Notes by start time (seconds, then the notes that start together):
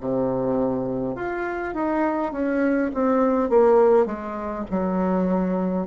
0.00 C3
1.16 F4
1.74 D#4
2.32 C#4
2.94 C4
3.49 A#3
4.06 G#3
4.71 F#3